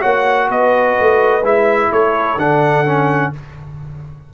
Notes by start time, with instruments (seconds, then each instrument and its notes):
0.00 tuba A#3, trombone F#4, horn C#5, trumpet F#5
0.49 tuba B3, horn B4, trumpet D#5
1.00 tuba A3
1.42 tuba G#3, trombone E4, trumpet E5
1.91 tuba A3, horn A4, trumpet C#5
2.37 tuba D3, trombone D4, trumpet F#5
2.86 trombone C#4